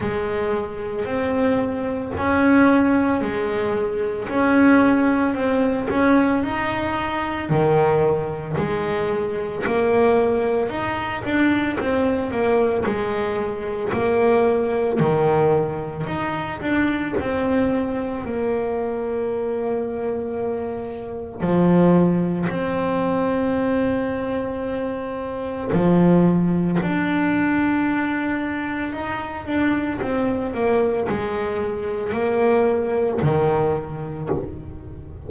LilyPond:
\new Staff \with { instrumentName = "double bass" } { \time 4/4 \tempo 4 = 56 gis4 c'4 cis'4 gis4 | cis'4 c'8 cis'8 dis'4 dis4 | gis4 ais4 dis'8 d'8 c'8 ais8 | gis4 ais4 dis4 dis'8 d'8 |
c'4 ais2. | f4 c'2. | f4 d'2 dis'8 d'8 | c'8 ais8 gis4 ais4 dis4 | }